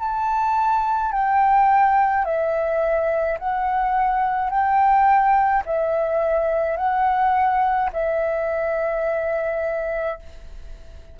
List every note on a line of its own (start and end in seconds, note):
0.00 1.12 A5
1.12 2.25 G5
2.25 3.38 E5
3.39 4.50 F#5
4.50 5.63 G5
5.66 6.77 E5
6.77 7.90 F#5
7.93 10.19 E5